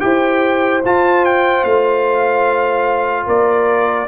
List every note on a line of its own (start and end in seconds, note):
0.00 0.84 E4
0.00 0.82 G4
0.00 3.26 C5
0.00 0.81 G5
0.85 1.64 F4
0.85 4.07 F4
0.85 1.25 A5
1.25 1.64 G5
1.64 3.26 A3
1.64 3.26 F5
3.26 4.07 A#3
3.26 4.07 A#4
3.26 4.07 D5